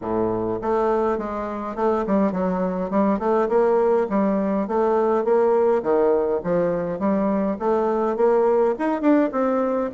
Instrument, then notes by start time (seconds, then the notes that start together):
bassoon
0.01 A2
0.61 A3
1.18 G#3
1.75 A3
2.06 G3
2.32 F#3
2.90 G3
3.19 A3
3.48 A#3
4.09 G3
4.67 A3
5.24 A#3
5.82 D#3
6.43 F3
6.99 G3
7.59 A3
8.16 A#3
8.78 D#4
9.01 D4
9.32 C4